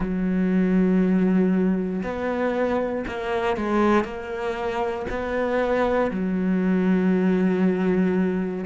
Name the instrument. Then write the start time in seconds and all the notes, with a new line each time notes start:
cello
0.00 F#3
2.03 B3
3.07 A#3
3.56 G#3
4.04 A#3
5.10 B3
6.10 F#3